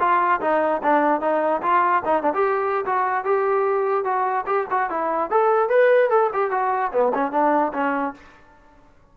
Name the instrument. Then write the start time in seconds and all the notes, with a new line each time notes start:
trombone
0.00 F4
0.41 D#4
0.83 D4
1.21 D#4
1.63 F4
2.06 D#4
2.23 D4
2.35 G4
2.86 F#4
3.25 G4
4.05 F#4
4.47 G4
4.71 F#4
4.90 E4
5.31 A4
5.70 B4
6.10 A4
6.34 G4
6.51 F#4
6.92 B3
7.14 C#4
7.32 D4
7.74 C#4